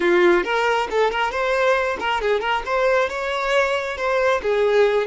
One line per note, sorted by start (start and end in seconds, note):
0.00 0.44 F4
0.44 0.88 A#4
0.90 1.11 A4
1.11 1.31 A#4
1.31 1.97 C5
1.99 2.21 A#4
2.21 2.40 G#4
2.40 2.62 A#4
2.65 3.09 C5
3.09 3.97 C#5
3.97 4.41 C5
4.42 5.06 G#4